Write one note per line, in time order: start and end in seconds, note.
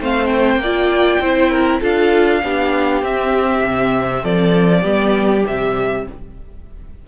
0.00 0.56 A3
0.00 0.62 C4
0.00 0.61 C5
0.00 0.27 F5
0.27 1.78 G5
0.56 1.16 A#3
0.62 1.22 F4
0.62 1.21 D5
1.20 1.80 C4
1.20 1.81 E4
1.20 1.51 C5
1.51 1.81 A#4
1.81 2.43 D4
1.81 2.42 F4
1.81 2.41 A4
1.81 3.04 F5
2.43 3.02 B3
2.43 3.03 D4
2.43 4.22 G4
3.02 3.63 C4
3.02 4.82 C4
3.02 4.24 E5
3.64 4.23 C3
4.22 4.84 F3
4.22 4.81 A4
4.22 5.46 D5
4.81 5.44 G3
4.81 5.43 B3
4.81 6.02 G4
5.46 6.07 C3
5.46 6.06 G3
5.46 6.07 E5